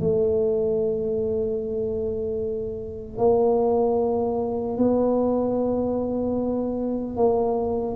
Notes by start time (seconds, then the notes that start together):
0.00 A3
3.18 A#3
4.77 B3
7.16 A#3